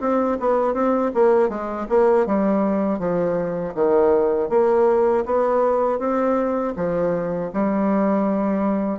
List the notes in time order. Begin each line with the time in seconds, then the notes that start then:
0.00 C4
0.39 B3
0.74 C4
1.14 A#3
1.49 G#3
1.89 A#3
2.26 G3
2.99 F3
3.74 D#3
4.49 A#3
5.25 B3
5.98 C4
6.76 F3
7.53 G3